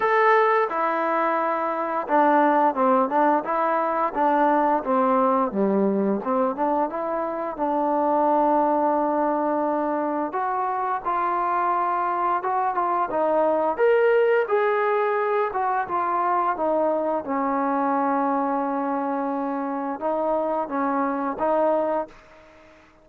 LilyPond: \new Staff \with { instrumentName = "trombone" } { \time 4/4 \tempo 4 = 87 a'4 e'2 d'4 | c'8 d'8 e'4 d'4 c'4 | g4 c'8 d'8 e'4 d'4~ | d'2. fis'4 |
f'2 fis'8 f'8 dis'4 | ais'4 gis'4. fis'8 f'4 | dis'4 cis'2.~ | cis'4 dis'4 cis'4 dis'4 | }